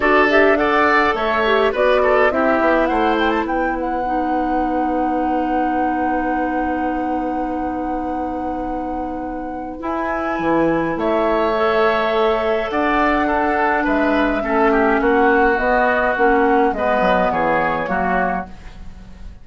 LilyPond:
<<
  \new Staff \with { instrumentName = "flute" } { \time 4/4 \tempo 4 = 104 d''8 e''8 fis''4 e''4 d''4 | e''4 fis''8 g''16 a''16 g''8 fis''4.~ | fis''1~ | fis''1~ |
fis''4 gis''2 e''4~ | e''2 fis''2 | e''2 fis''4 dis''4 | fis''4 dis''4 cis''2 | }
  \new Staff \with { instrumentName = "oboe" } { \time 4/4 a'4 d''4 cis''4 b'8 a'8 | g'4 c''4 b'2~ | b'1~ | b'1~ |
b'2. cis''4~ | cis''2 d''4 a'4 | b'4 a'8 g'8 fis'2~ | fis'4 b'4 gis'4 fis'4 | }
  \new Staff \with { instrumentName = "clarinet" } { \time 4/4 fis'8 g'8 a'4. g'8 fis'4 | e'2. dis'4~ | dis'1~ | dis'1~ |
dis'4 e'2. | a'2. d'4~ | d'4 cis'2 b4 | cis'4 b2 ais4 | }
  \new Staff \with { instrumentName = "bassoon" } { \time 4/4 d'2 a4 b4 | c'8 b8 a4 b2~ | b1~ | b1~ |
b4 e'4 e4 a4~ | a2 d'2 | gis4 a4 ais4 b4 | ais4 gis8 fis8 e4 fis4 | }
>>